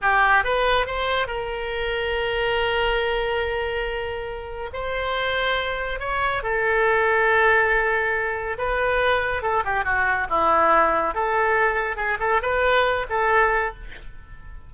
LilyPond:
\new Staff \with { instrumentName = "oboe" } { \time 4/4 \tempo 4 = 140 g'4 b'4 c''4 ais'4~ | ais'1~ | ais'2. c''4~ | c''2 cis''4 a'4~ |
a'1 | b'2 a'8 g'8 fis'4 | e'2 a'2 | gis'8 a'8 b'4. a'4. | }